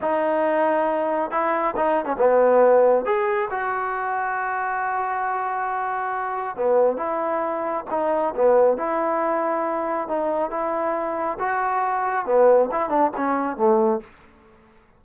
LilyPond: \new Staff \with { instrumentName = "trombone" } { \time 4/4 \tempo 4 = 137 dis'2. e'4 | dis'8. cis'16 b2 gis'4 | fis'1~ | fis'2. b4 |
e'2 dis'4 b4 | e'2. dis'4 | e'2 fis'2 | b4 e'8 d'8 cis'4 a4 | }